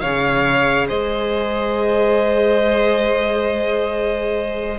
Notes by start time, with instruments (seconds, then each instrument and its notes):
0.00 cello C#3, viola G#4, violin C#5 F5
0.87 cello G#3, violin C5 D#5